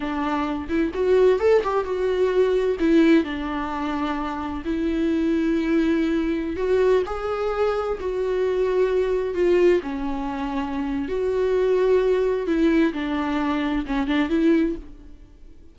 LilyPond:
\new Staff \with { instrumentName = "viola" } { \time 4/4 \tempo 4 = 130 d'4. e'8 fis'4 a'8 g'8 | fis'2 e'4 d'4~ | d'2 e'2~ | e'2~ e'16 fis'4 gis'8.~ |
gis'4~ gis'16 fis'2~ fis'8.~ | fis'16 f'4 cis'2~ cis'8. | fis'2. e'4 | d'2 cis'8 d'8 e'4 | }